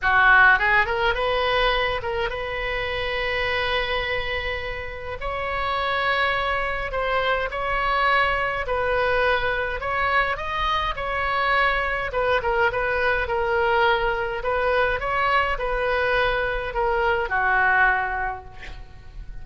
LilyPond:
\new Staff \with { instrumentName = "oboe" } { \time 4/4 \tempo 4 = 104 fis'4 gis'8 ais'8 b'4. ais'8 | b'1~ | b'4 cis''2. | c''4 cis''2 b'4~ |
b'4 cis''4 dis''4 cis''4~ | cis''4 b'8 ais'8 b'4 ais'4~ | ais'4 b'4 cis''4 b'4~ | b'4 ais'4 fis'2 | }